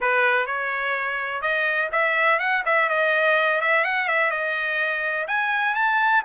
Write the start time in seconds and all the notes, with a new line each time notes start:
0.00 B4
0.46 C#5
1.41 D#5
1.92 E5
2.39 F#5
2.65 E5
2.89 D#5
3.61 E5
3.84 F#5
4.08 E5
4.30 D#5
5.27 G#5
5.74 A5